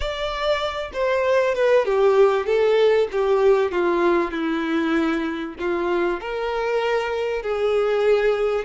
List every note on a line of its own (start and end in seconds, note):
0.00 0.91 D5
0.93 1.54 C5
1.54 1.85 B4
1.85 2.46 G4
2.46 3.08 A4
3.11 3.71 G4
3.71 4.31 F4
4.31 5.55 E4
5.59 6.20 F4
6.20 7.42 A#4
7.42 8.64 G#4